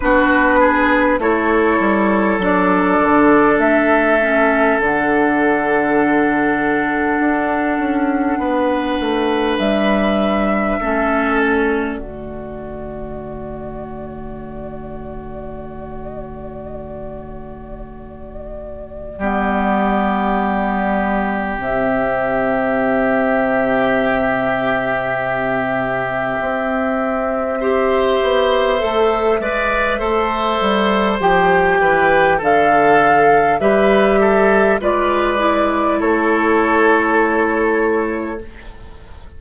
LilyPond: <<
  \new Staff \with { instrumentName = "flute" } { \time 4/4 \tempo 4 = 50 b'4 cis''4 d''4 e''4 | fis''1 | e''4. d''2~ d''8~ | d''1~ |
d''2 e''2~ | e''1~ | e''2 g''4 f''4 | e''4 d''4 cis''2 | }
  \new Staff \with { instrumentName = "oboe" } { \time 4/4 fis'8 gis'8 a'2.~ | a'2. b'4~ | b'4 a'4 fis'2~ | fis'1 |
g'1~ | g'2. c''4~ | c''8 d''8 c''4. b'8 a'4 | b'8 a'8 b'4 a'2 | }
  \new Staff \with { instrumentName = "clarinet" } { \time 4/4 d'4 e'4 d'4. cis'8 | d'1~ | d'4 cis'4 a2~ | a1 |
b2 c'2~ | c'2. g'4 | a'8 b'8 a'4 g'4 a'4 | g'4 f'8 e'2~ e'8 | }
  \new Staff \with { instrumentName = "bassoon" } { \time 4/4 b4 a8 g8 fis8 d8 a4 | d2 d'8 cis'8 b8 a8 | g4 a4 d2~ | d1 |
g2 c2~ | c2 c'4. b8 | a8 gis8 a8 g8 f8 e8 d4 | g4 gis4 a2 | }
>>